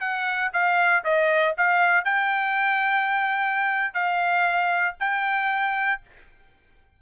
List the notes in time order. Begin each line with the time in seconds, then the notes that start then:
0.00 F#5
0.53 F5
1.04 D#5
1.57 F5
2.04 G5
3.93 F5
4.99 G5